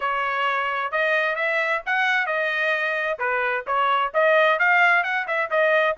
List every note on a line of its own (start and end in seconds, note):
0.00 0.91 C#5
0.91 1.35 D#5
1.35 1.81 E5
1.85 2.26 F#5
2.26 3.18 D#5
3.19 3.64 B4
3.66 4.12 C#5
4.14 4.59 D#5
4.59 5.03 F5
5.03 5.26 F#5
5.27 5.50 E5
5.50 5.96 D#5